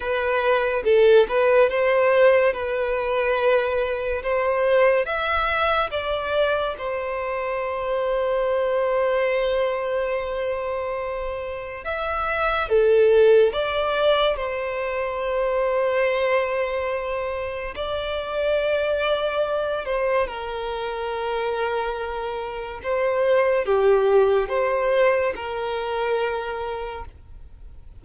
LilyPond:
\new Staff \with { instrumentName = "violin" } { \time 4/4 \tempo 4 = 71 b'4 a'8 b'8 c''4 b'4~ | b'4 c''4 e''4 d''4 | c''1~ | c''2 e''4 a'4 |
d''4 c''2.~ | c''4 d''2~ d''8 c''8 | ais'2. c''4 | g'4 c''4 ais'2 | }